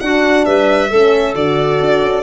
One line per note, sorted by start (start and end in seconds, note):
0.00 0.90 D4
0.00 0.46 D4
0.00 0.46 F#4
0.00 0.45 F#5
0.45 0.91 G3
0.45 0.90 B4
0.45 1.34 E5
0.90 1.35 A3
0.90 1.35 C#4
0.90 2.23 A4
1.35 1.80 D3
1.35 2.23 F#4
1.35 2.23 D5
1.80 2.02 D4
2.02 2.23 C#4